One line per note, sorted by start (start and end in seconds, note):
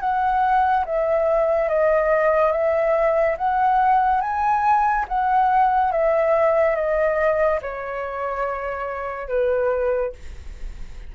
0.00 0.85 F#5
0.85 1.69 E5
1.69 2.52 D#5
2.52 3.36 E5
3.38 4.21 F#5
4.21 5.06 G#5
5.09 5.92 F#5
5.92 6.76 E5
6.76 7.60 D#5
7.62 9.28 C#5
9.28 10.13 B4